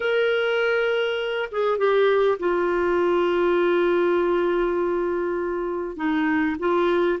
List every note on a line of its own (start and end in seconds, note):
0.00 1.49 A#4
1.51 1.78 G#4
1.78 2.38 G4
2.39 5.96 F4
5.96 6.56 D#4
6.59 7.19 F4